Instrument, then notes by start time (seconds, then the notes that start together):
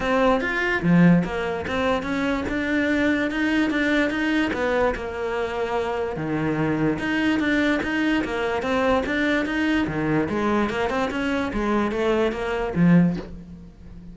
cello
0.00 C4
0.40 F4
0.82 F3
1.24 A#3
1.67 C4
2.02 C#4
2.48 D4
3.30 D#4
3.70 D4
4.10 D#4
4.53 B3
4.95 A#3
6.16 D#3
6.98 D#4
7.39 D4
7.83 D#4
8.24 A#3
8.62 C4
9.05 D4
9.45 D#4
9.87 D#3
10.29 G#3
10.69 A#3
10.89 C4
11.11 C#4
11.53 G#3
11.91 A3
12.32 A#3
12.75 F3